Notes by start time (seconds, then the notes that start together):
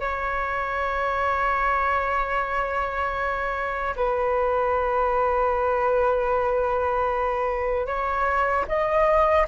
0.00 C#5
3.96 B4
7.87 C#5
8.68 D#5